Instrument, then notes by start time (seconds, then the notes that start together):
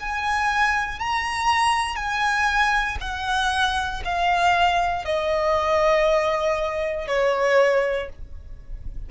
violin
0.00 G#5
0.99 A#5
1.96 G#5
3.01 F#5
4.05 F5
5.05 D#5
7.08 C#5